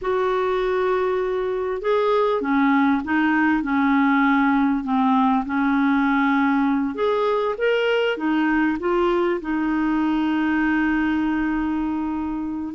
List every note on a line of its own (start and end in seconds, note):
0.01 1.81 F#4
1.81 2.41 G#4
2.41 3.01 C#4
3.04 3.62 D#4
3.62 4.83 C#4
4.83 5.44 C4
5.45 6.94 C#4
6.94 7.55 G#4
7.58 8.17 A#4
8.17 8.77 D#4
8.79 9.40 F4
9.41 12.74 D#4